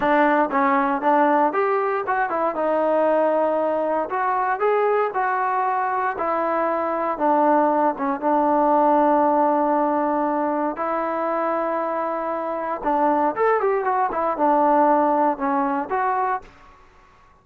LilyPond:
\new Staff \with { instrumentName = "trombone" } { \time 4/4 \tempo 4 = 117 d'4 cis'4 d'4 g'4 | fis'8 e'8 dis'2. | fis'4 gis'4 fis'2 | e'2 d'4. cis'8 |
d'1~ | d'4 e'2.~ | e'4 d'4 a'8 g'8 fis'8 e'8 | d'2 cis'4 fis'4 | }